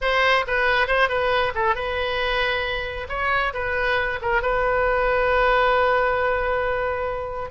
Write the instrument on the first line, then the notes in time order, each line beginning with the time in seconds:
oboe
0.01 C5
0.47 B4
0.87 C5
1.08 B4
1.54 A4
1.75 B4
3.09 C#5
3.53 B4
4.21 A#4
4.42 B4